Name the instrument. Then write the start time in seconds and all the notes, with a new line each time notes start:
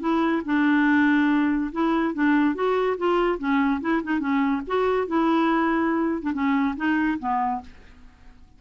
clarinet
0.00 E4
0.45 D4
1.72 E4
2.14 D4
2.55 F#4
2.98 F4
3.39 C#4
3.81 E4
4.03 D#4
4.20 C#4
4.67 F#4
5.08 E4
6.22 D4
6.33 C#4
6.76 D#4
7.19 B3